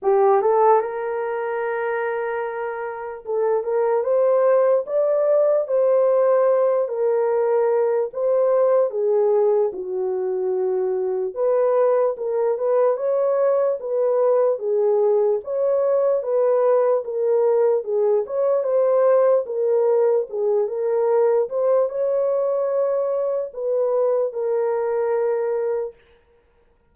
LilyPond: \new Staff \with { instrumentName = "horn" } { \time 4/4 \tempo 4 = 74 g'8 a'8 ais'2. | a'8 ais'8 c''4 d''4 c''4~ | c''8 ais'4. c''4 gis'4 | fis'2 b'4 ais'8 b'8 |
cis''4 b'4 gis'4 cis''4 | b'4 ais'4 gis'8 cis''8 c''4 | ais'4 gis'8 ais'4 c''8 cis''4~ | cis''4 b'4 ais'2 | }